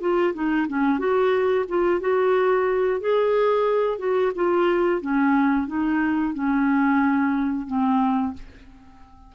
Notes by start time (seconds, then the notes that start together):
0.00 F4
0.33 D#4
0.68 C#4
0.98 F#4
1.68 F4
2.00 F#4
3.00 G#4
3.98 F#4
4.35 F4
5.01 C#4
5.67 D#4
6.34 C#4
7.66 C4